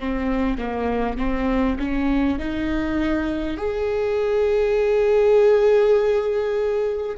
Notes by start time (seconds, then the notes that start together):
0.00 C4
0.59 A#3
1.18 C4
1.79 C#4
2.39 D#4
3.58 G#4